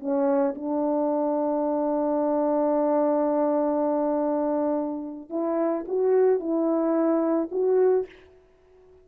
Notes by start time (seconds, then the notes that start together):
0.00 C#4
0.55 D4
5.30 E4
5.88 F#4
6.40 E4
7.51 F#4